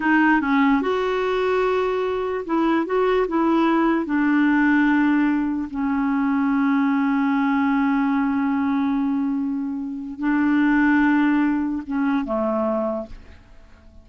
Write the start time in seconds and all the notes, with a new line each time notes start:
0.00 D#4
0.41 C#4
0.81 F#4
2.45 E4
2.86 F#4
3.28 E4
4.05 D4
5.70 C#4
10.19 D4
11.86 C#4
12.24 A3